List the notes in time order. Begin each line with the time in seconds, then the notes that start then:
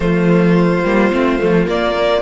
0.00 F3 A3 F4 C5
0.84 G3 A#3
1.11 A3 C4
1.38 F3 A3
1.66 A#3 D5
1.95 A#4